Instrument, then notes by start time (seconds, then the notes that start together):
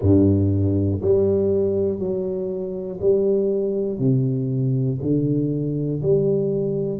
tuba
0.00 G2
1.01 G3
1.98 F#3
3.00 G3
3.99 C3
5.01 D3
6.02 G3